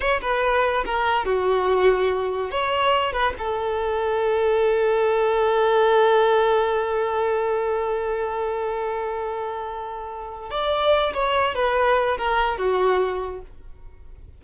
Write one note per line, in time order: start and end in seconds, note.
0.00 0.20 C#5
0.21 0.84 B4
0.85 1.25 A#4
1.25 2.50 F#4
2.50 3.12 C#5
3.12 3.33 B4
3.38 10.50 A4
10.50 11.13 D5
11.13 11.54 C#5
11.54 12.17 B4
12.17 12.57 A#4
12.57 13.41 F#4